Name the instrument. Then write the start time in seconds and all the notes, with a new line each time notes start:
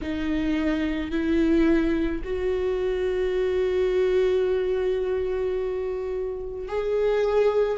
viola
0.01 D#4
1.11 E4
2.24 F#4
6.68 G#4